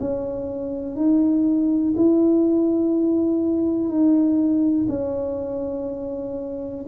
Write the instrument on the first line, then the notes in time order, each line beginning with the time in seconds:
tuba
0.00 C#4
0.96 D#4
1.97 E4
3.89 D#4
4.89 C#4